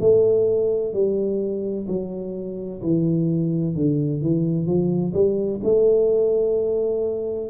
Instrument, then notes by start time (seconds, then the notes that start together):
tuba
0.00 A3
0.93 G3
1.87 F#3
2.82 E3
3.75 D3
4.21 E3
4.66 F3
5.13 G3
5.64 A3